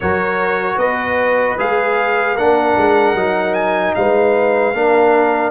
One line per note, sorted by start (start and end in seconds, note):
0.00 0.76 F#3
0.00 1.57 F#4
0.00 0.78 A#4
0.00 0.78 C#5
0.76 1.55 B3
0.76 2.35 B4
0.76 1.57 D#5
1.57 2.36 G#3
1.57 2.36 G#4
1.57 2.37 F5
2.35 2.76 A#3
2.35 3.15 D4
2.35 3.93 A#4
2.35 3.54 F#5
2.77 3.14 G#3
3.14 3.93 F#3
3.14 4.73 D#4
3.54 3.93 G#5
3.94 4.73 G#3
3.94 4.75 B4
3.94 5.51 F5
4.73 5.51 A#3
4.73 5.51 D4
4.73 5.51 A#4